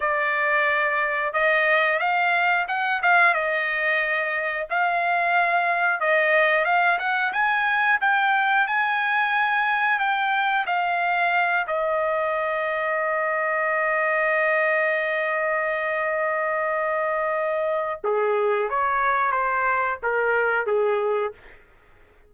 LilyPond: \new Staff \with { instrumentName = "trumpet" } { \time 4/4 \tempo 4 = 90 d''2 dis''4 f''4 | fis''8 f''8 dis''2 f''4~ | f''4 dis''4 f''8 fis''8 gis''4 | g''4 gis''2 g''4 |
f''4. dis''2~ dis''8~ | dis''1~ | dis''2. gis'4 | cis''4 c''4 ais'4 gis'4 | }